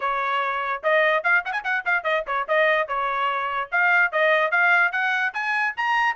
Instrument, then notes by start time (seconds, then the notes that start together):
trumpet
0.00 C#5
0.83 D#5
1.23 F5
1.45 F#5
1.52 G#5
1.63 F#5
1.85 F5
2.03 D#5
2.27 C#5
2.48 D#5
2.87 C#5
3.71 F5
4.12 D#5
4.51 F5
4.91 F#5
5.33 G#5
5.76 A#5